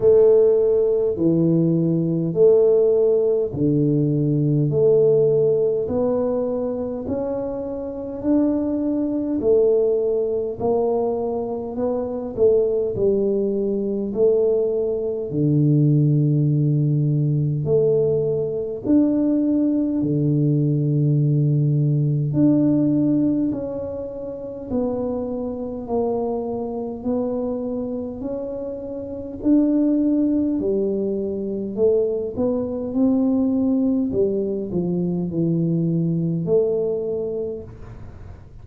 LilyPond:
\new Staff \with { instrumentName = "tuba" } { \time 4/4 \tempo 4 = 51 a4 e4 a4 d4 | a4 b4 cis'4 d'4 | a4 ais4 b8 a8 g4 | a4 d2 a4 |
d'4 d2 d'4 | cis'4 b4 ais4 b4 | cis'4 d'4 g4 a8 b8 | c'4 g8 f8 e4 a4 | }